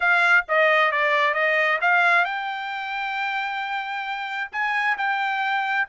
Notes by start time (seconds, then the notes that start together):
0.00 F5
0.48 D#5
0.91 D5
1.33 D#5
1.81 F5
2.24 G5
4.52 G#5
4.97 G5